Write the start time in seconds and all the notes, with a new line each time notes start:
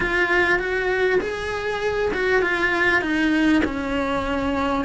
0.00 F4
0.59 F#4
1.20 G#4
2.13 F#4
2.42 F4
3.01 D#4
3.64 C#4